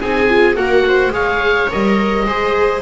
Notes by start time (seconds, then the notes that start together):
0.00 C4 D#4 G#4 G#5
0.29 F4
0.55 A#3 F#4 A#4 F#5
0.88 C5
1.10 G#3 G#4 C#5 F5
1.71 G3 A#4 D#5
2.25 G#3 G#4 C5